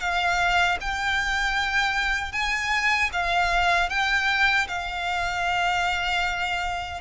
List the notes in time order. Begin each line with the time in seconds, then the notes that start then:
0.00 F5
0.80 G5
2.32 G#5
3.12 F5
3.90 G5
4.68 F5